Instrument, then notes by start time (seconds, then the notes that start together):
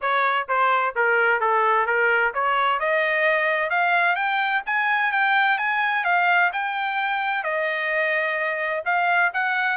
trumpet
0.01 C#5
0.48 C5
0.95 A#4
1.40 A4
1.86 A#4
2.34 C#5
2.79 D#5
3.70 F5
4.15 G5
4.66 G#5
5.12 G5
5.58 G#5
6.04 F5
6.52 G5
7.43 D#5
8.85 F5
9.33 F#5